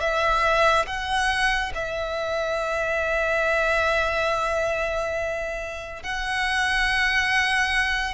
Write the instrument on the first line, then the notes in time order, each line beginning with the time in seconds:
violin
0.00 E5
0.86 F#5
1.75 E5
6.03 F#5